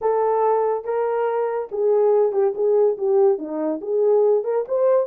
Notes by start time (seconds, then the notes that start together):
0.01 A4
0.84 A#4
1.71 G#4
2.32 G4
2.54 G#4
2.97 G4
3.38 D#4
3.81 G#4
4.44 A#4
4.67 C5